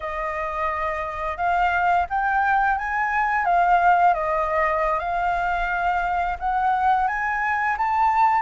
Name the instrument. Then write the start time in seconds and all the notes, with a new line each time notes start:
flute
0.00 D#5
1.37 F5
2.09 G5
2.77 G#5
3.45 F5
4.14 D#5
4.99 F5
6.39 F#5
7.07 G#5
7.77 A5